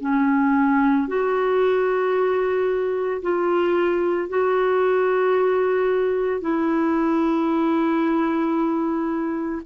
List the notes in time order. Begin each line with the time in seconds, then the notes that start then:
0.00 C#4
1.07 F#4
3.21 F4
4.29 F#4
6.40 E4